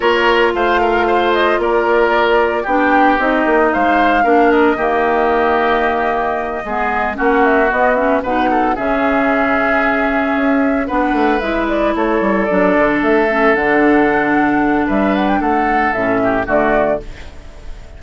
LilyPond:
<<
  \new Staff \with { instrumentName = "flute" } { \time 4/4 \tempo 4 = 113 cis''4 f''4. dis''8 d''4~ | d''4 g''4 dis''4 f''4~ | f''8 dis''2.~ dis''8~ | dis''4. fis''8 e''8 dis''8 e''8 fis''8~ |
fis''8 e''2.~ e''8~ | e''8 fis''4 e''8 d''8 cis''4 d''8~ | d''8 e''4 fis''2~ fis''8 | e''8 fis''16 g''16 fis''4 e''4 d''4 | }
  \new Staff \with { instrumentName = "oboe" } { \time 4/4 ais'4 c''8 ais'8 c''4 ais'4~ | ais'4 g'2 c''4 | ais'4 g'2.~ | g'8 gis'4 fis'2 b'8 |
a'8 gis'2.~ gis'8~ | gis'8 b'2 a'4.~ | a'1 | b'4 a'4. g'8 fis'4 | }
  \new Staff \with { instrumentName = "clarinet" } { \time 4/4 f'1~ | f'4 d'4 dis'2 | d'4 ais2.~ | ais8 b4 cis'4 b8 cis'8 dis'8~ |
dis'8 cis'2.~ cis'8~ | cis'8 d'4 e'2 d'8~ | d'4 cis'8 d'2~ d'8~ | d'2 cis'4 a4 | }
  \new Staff \with { instrumentName = "bassoon" } { \time 4/4 ais4 a2 ais4~ | ais4 b4 c'8 ais8 gis4 | ais4 dis2.~ | dis8 gis4 ais4 b4 b,8~ |
b,8 cis2. cis'8~ | cis'8 b8 a8 gis4 a8 g8 fis8 | d8 a4 d2~ d8 | g4 a4 a,4 d4 | }
>>